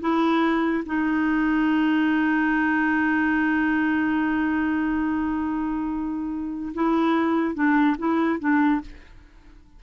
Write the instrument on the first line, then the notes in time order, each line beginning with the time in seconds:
clarinet
0.00 E4
0.86 D#4
6.74 E4
7.54 D4
7.98 E4
8.39 D4